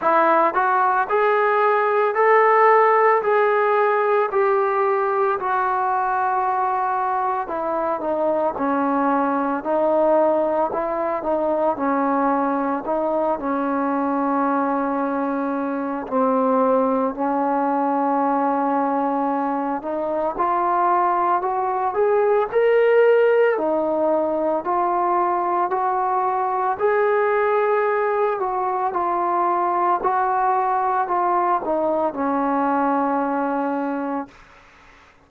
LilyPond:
\new Staff \with { instrumentName = "trombone" } { \time 4/4 \tempo 4 = 56 e'8 fis'8 gis'4 a'4 gis'4 | g'4 fis'2 e'8 dis'8 | cis'4 dis'4 e'8 dis'8 cis'4 | dis'8 cis'2~ cis'8 c'4 |
cis'2~ cis'8 dis'8 f'4 | fis'8 gis'8 ais'4 dis'4 f'4 | fis'4 gis'4. fis'8 f'4 | fis'4 f'8 dis'8 cis'2 | }